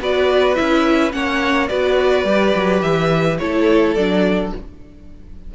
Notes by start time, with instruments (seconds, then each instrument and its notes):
0.00 cello B3, viola F#4, violin B4 D5
0.55 cello C#4, viola E4, violin E5
1.11 cello A#3, viola C#4, violin C#5 F#5
1.68 cello B3, viola F#4, violin B4 D5
2.24 cello G3, viola G4
2.55 cello F#3
2.81 cello E3, violin E5
3.38 cello A3, viola E4, violin A4 C#5
3.94 cello F#3, viola D4, violin D5